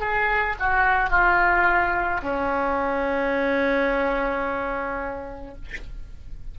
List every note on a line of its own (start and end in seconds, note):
0.00 0.56 G#4
0.60 1.10 F#4
1.10 2.21 F4
2.22 5.56 C#4